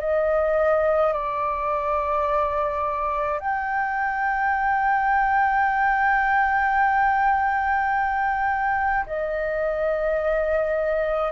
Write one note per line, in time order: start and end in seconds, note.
0.00 1.13 D#5
1.14 3.40 D5
3.40 9.06 G5
9.07 11.33 D#5